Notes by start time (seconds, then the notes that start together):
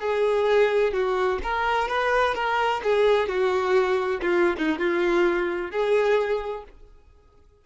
0.00 G#4
0.93 F#4
1.43 A#4
1.88 B4
2.34 A#4
2.83 G#4
3.28 F#4
4.21 F4
4.58 D#4
4.78 F4
5.71 G#4